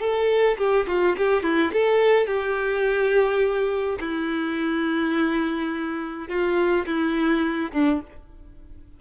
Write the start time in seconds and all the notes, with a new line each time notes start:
0.00 A4
0.58 G4
0.87 F4
1.17 G4
1.43 E4
1.72 A4
2.27 G4
4.00 E4
6.28 F4
6.86 E4
7.72 D4